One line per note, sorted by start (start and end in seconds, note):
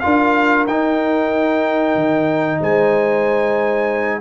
0.00 0.67 D4
0.00 0.67 F4
0.00 2.60 A#4
0.00 0.65 F5
0.67 1.95 D#4
0.67 4.21 D#4
0.67 2.61 G5
1.95 2.59 D#3
2.60 4.21 G#3
2.60 4.21 C5
2.60 4.21 G#5